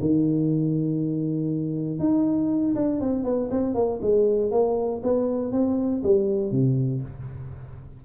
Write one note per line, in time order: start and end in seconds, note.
0.00 1.99 D#3
1.99 2.75 D#4
2.75 3.00 D4
3.00 3.24 C4
3.24 3.49 B3
3.51 3.74 C4
3.74 3.99 A#3
4.01 4.51 G#3
4.51 5.01 A#3
5.03 5.52 B3
5.52 6.02 C4
6.03 6.51 G3
6.51 7.02 C3